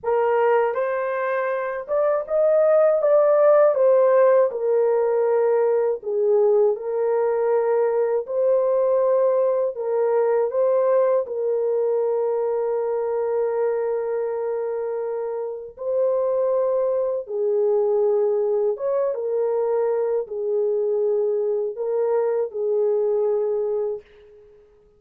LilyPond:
\new Staff \with { instrumentName = "horn" } { \time 4/4 \tempo 4 = 80 ais'4 c''4. d''8 dis''4 | d''4 c''4 ais'2 | gis'4 ais'2 c''4~ | c''4 ais'4 c''4 ais'4~ |
ais'1~ | ais'4 c''2 gis'4~ | gis'4 cis''8 ais'4. gis'4~ | gis'4 ais'4 gis'2 | }